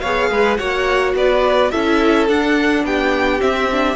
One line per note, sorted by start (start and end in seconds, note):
0.00 0.31 B3
0.00 0.59 G#4
0.00 0.30 C#5
0.00 0.57 F5
0.31 0.59 G#3
0.31 0.58 B4
0.57 1.14 A#3
0.57 1.72 F#4
0.57 1.15 C#5
0.57 1.13 F#5
1.14 1.71 B3
1.14 1.72 B4
1.14 1.71 D5
1.71 2.29 C#4
1.71 2.29 E4
1.71 2.85 A4
1.71 2.27 E5
2.29 3.40 D4
2.29 2.84 D4
2.29 2.85 F#5
2.84 3.41 B3
2.84 3.96 G4
2.84 3.41 G5
3.40 3.68 C4
3.40 3.96 C4
3.40 3.96 E5
3.72 3.96 D4